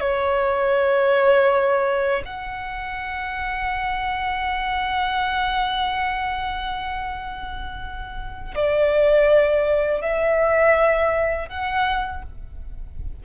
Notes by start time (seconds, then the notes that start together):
0.00 C#5
2.25 F#5
8.55 D5
10.01 E5
11.48 F#5